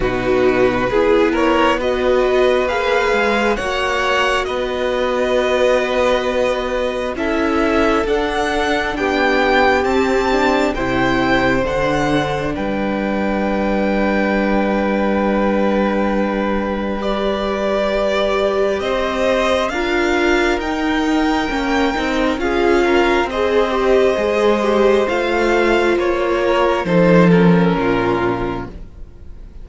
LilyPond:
<<
  \new Staff \with { instrumentName = "violin" } { \time 4/4 \tempo 4 = 67 b'4. cis''8 dis''4 f''4 | fis''4 dis''2. | e''4 fis''4 g''4 a''4 | g''4 fis''4 g''2~ |
g''2. d''4~ | d''4 dis''4 f''4 g''4~ | g''4 f''4 dis''2 | f''4 cis''4 c''8 ais'4. | }
  \new Staff \with { instrumentName = "violin" } { \time 4/4 fis'4 gis'8 ais'8 b'2 | cis''4 b'2. | a'2 g'2 | c''2 b'2~ |
b'1~ | b'4 c''4 ais'2~ | ais'4 gis'8 ais'8 c''2~ | c''4. ais'8 a'4 f'4 | }
  \new Staff \with { instrumentName = "viola" } { \time 4/4 dis'4 e'4 fis'4 gis'4 | fis'1 | e'4 d'2 c'8 d'8 | e'4 d'2.~ |
d'2. g'4~ | g'2 f'4 dis'4 | cis'8 dis'8 f'4 gis'8 g'8 gis'8 g'8 | f'2 dis'8 cis'4. | }
  \new Staff \with { instrumentName = "cello" } { \time 4/4 b,4 b2 ais8 gis8 | ais4 b2. | cis'4 d'4 b4 c'4 | c4 d4 g2~ |
g1~ | g4 c'4 d'4 dis'4 | ais8 c'8 cis'4 c'4 gis4 | a4 ais4 f4 ais,4 | }
>>